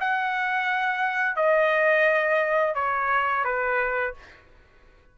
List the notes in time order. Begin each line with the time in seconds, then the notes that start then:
0.00 F#5
1.36 D#5
2.75 C#5
3.44 B4